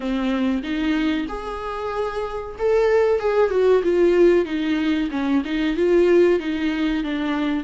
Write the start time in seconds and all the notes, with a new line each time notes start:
0.00 C4
0.62 D#4
1.28 G#4
2.58 A4
3.19 G#4
3.50 F#4
3.83 F4
4.45 D#4
5.11 C#4
5.45 D#4
5.76 F4
6.39 D#4
7.03 D4